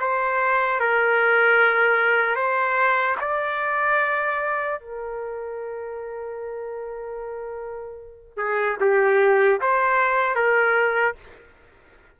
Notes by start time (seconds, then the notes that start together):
0.00 C5
0.80 A#4
2.36 C5
3.20 D5
4.80 A#4
8.37 G#4
8.80 G4
9.61 C5
10.35 A#4